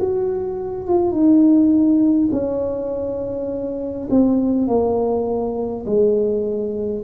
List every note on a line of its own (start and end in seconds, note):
0.00 0.87 F#4
0.87 1.11 F4
1.11 2.29 D#4
2.32 4.08 C#4
4.10 4.67 C4
4.67 5.85 A#3
5.86 7.03 G#3